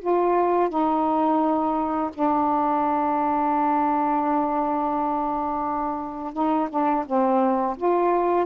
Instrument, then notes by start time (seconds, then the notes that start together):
saxophone
0.00 F4
0.69 D#4
2.14 D4
6.33 D#4
6.70 D4
7.06 C4
7.77 F4